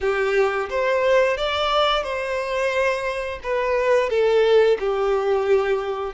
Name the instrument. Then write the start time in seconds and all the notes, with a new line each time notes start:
violin
0.00 G4
0.69 C5
1.37 D5
2.03 C5
3.43 B4
4.09 A4
4.79 G4